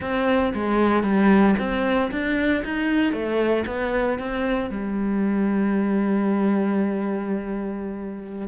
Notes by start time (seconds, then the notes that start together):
0.00 C4
0.54 G#3
1.03 G3
1.58 C4
2.11 D4
2.64 D#4
3.12 A3
3.66 B3
4.19 C4
4.70 G3